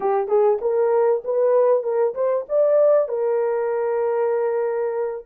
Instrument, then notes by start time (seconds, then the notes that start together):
horn
0.00 G4
0.28 G#4
0.61 A#4
1.24 B4
1.82 A#4
2.14 C5
2.49 D5
3.08 A#4